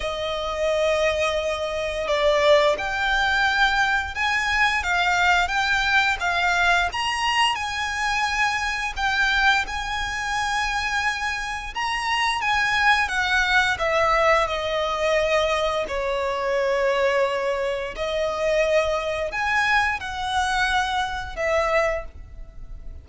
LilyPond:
\new Staff \with { instrumentName = "violin" } { \time 4/4 \tempo 4 = 87 dis''2. d''4 | g''2 gis''4 f''4 | g''4 f''4 ais''4 gis''4~ | gis''4 g''4 gis''2~ |
gis''4 ais''4 gis''4 fis''4 | e''4 dis''2 cis''4~ | cis''2 dis''2 | gis''4 fis''2 e''4 | }